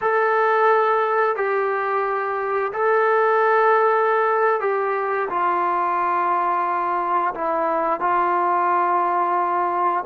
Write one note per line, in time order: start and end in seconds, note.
0.01 1.36 A4
1.36 2.72 G4
2.73 4.60 A4
4.60 5.28 G4
5.29 7.34 F4
7.34 8.00 E4
8.00 10.04 F4